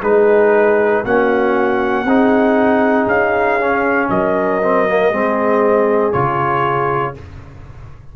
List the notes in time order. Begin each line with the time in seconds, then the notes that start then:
0.00 G#3 D#4 G#4 B4
1.04 A#3 C#4 F#4 F#5
2.04 C4 D#4 G#4
3.06 C#4 F5
3.60 C#4
4.09 F#3 A#4 D#5
4.63 C4
4.88 A#3
5.08 G#3 C4 G#4
6.12 C#3 F4 C#5